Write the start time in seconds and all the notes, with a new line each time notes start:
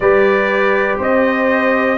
0.00 G3 G4 B4 D5
0.98 C4 C5 D#5